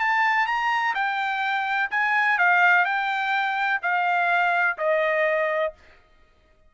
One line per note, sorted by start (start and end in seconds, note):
0.00 0.47 A5
0.47 0.94 A#5
0.95 1.90 G5
1.91 2.39 G#5
2.39 2.85 F5
2.85 3.81 G5
3.82 4.78 F5
4.78 5.73 D#5